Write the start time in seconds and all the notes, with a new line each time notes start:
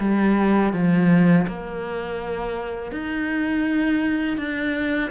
0.00 G3
0.73 F3
1.48 A#3
2.92 D#4
4.38 D4